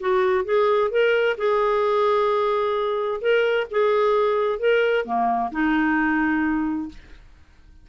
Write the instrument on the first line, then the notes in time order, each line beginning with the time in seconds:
clarinet
0.00 F#4
0.45 G#4
0.91 A#4
1.38 G#4
3.21 A#4
3.71 G#4
4.59 A#4
5.05 A#3
5.51 D#4